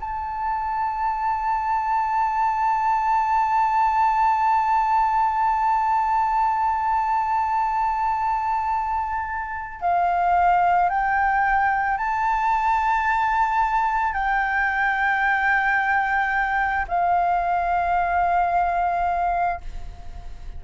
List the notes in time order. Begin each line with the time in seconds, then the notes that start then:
0.00 A5
9.80 F5
10.89 G5
11.98 A5
14.13 G5
16.88 F5